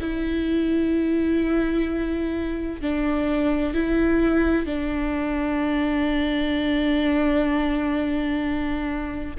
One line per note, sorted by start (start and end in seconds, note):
0.00 2.81 E4
2.81 3.74 D4
3.74 4.66 E4
4.66 9.35 D4